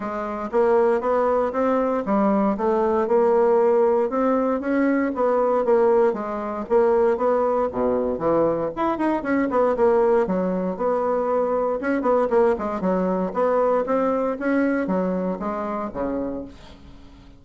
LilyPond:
\new Staff \with { instrumentName = "bassoon" } { \time 4/4 \tempo 4 = 117 gis4 ais4 b4 c'4 | g4 a4 ais2 | c'4 cis'4 b4 ais4 | gis4 ais4 b4 b,4 |
e4 e'8 dis'8 cis'8 b8 ais4 | fis4 b2 cis'8 b8 | ais8 gis8 fis4 b4 c'4 | cis'4 fis4 gis4 cis4 | }